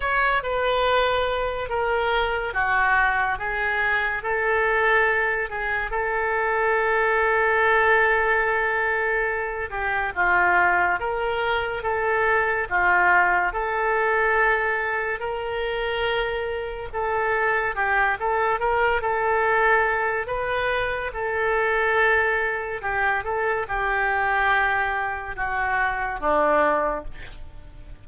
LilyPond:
\new Staff \with { instrumentName = "oboe" } { \time 4/4 \tempo 4 = 71 cis''8 b'4. ais'4 fis'4 | gis'4 a'4. gis'8 a'4~ | a'2.~ a'8 g'8 | f'4 ais'4 a'4 f'4 |
a'2 ais'2 | a'4 g'8 a'8 ais'8 a'4. | b'4 a'2 g'8 a'8 | g'2 fis'4 d'4 | }